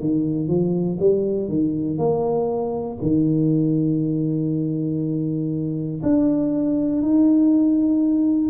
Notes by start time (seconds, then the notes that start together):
0.00 D#3
0.47 F3
0.99 G3
1.48 D#3
1.98 A#3
3.01 D#3
6.02 D4
7.02 D#4